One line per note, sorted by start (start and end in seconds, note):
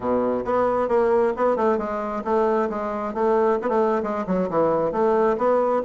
0.00 0.44 B2
0.45 0.88 B3
0.88 1.33 A#3
1.36 1.56 B3
1.56 1.77 A3
1.77 2.22 G#3
2.24 2.69 A3
2.69 3.14 G#3
3.14 3.58 A3
3.62 3.68 B3
3.68 4.02 A3
4.03 4.25 G#3
4.26 4.49 F#3
4.49 4.92 E3
4.92 5.36 A3
5.37 5.82 B3